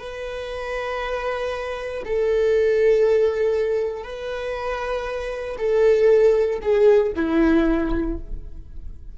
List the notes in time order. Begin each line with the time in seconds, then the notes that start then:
0.00 B4
2.05 A4
4.04 B4
5.57 A4
6.62 G#4
7.16 E4